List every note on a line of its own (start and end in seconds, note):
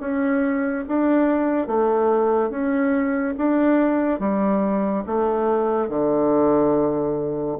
0.00 0.85 C#4
0.88 1.67 D4
1.67 2.50 A3
2.50 3.35 C#4
3.37 4.19 D4
4.19 5.04 G3
5.06 5.89 A3
5.89 7.58 D3